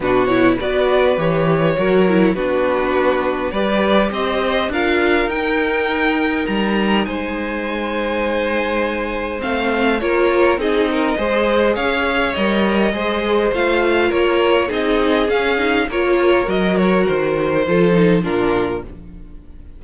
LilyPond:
<<
  \new Staff \with { instrumentName = "violin" } { \time 4/4 \tempo 4 = 102 b'8 cis''8 d''4 cis''2 | b'2 d''4 dis''4 | f''4 g''2 ais''4 | gis''1 |
f''4 cis''4 dis''2 | f''4 dis''2 f''4 | cis''4 dis''4 f''4 cis''4 | dis''8 cis''8 c''2 ais'4 | }
  \new Staff \with { instrumentName = "violin" } { \time 4/4 fis'4 b'2 ais'4 | fis'2 b'4 c''4 | ais'1 | c''1~ |
c''4 ais'4 gis'8 ais'8 c''4 | cis''2 c''2 | ais'4 gis'2 ais'4~ | ais'2 a'4 f'4 | }
  \new Staff \with { instrumentName = "viola" } { \time 4/4 d'8 e'8 fis'4 g'4 fis'8 e'8 | d'2 g'2 | f'4 dis'2.~ | dis'1 |
c'4 f'4 dis'4 gis'4~ | gis'4 ais'4 gis'4 f'4~ | f'4 dis'4 cis'8 dis'8 f'4 | fis'2 f'8 dis'8 d'4 | }
  \new Staff \with { instrumentName = "cello" } { \time 4/4 b,4 b4 e4 fis4 | b2 g4 c'4 | d'4 dis'2 g4 | gis1 |
a4 ais4 c'4 gis4 | cis'4 g4 gis4 a4 | ais4 c'4 cis'4 ais4 | fis4 dis4 f4 ais,4 | }
>>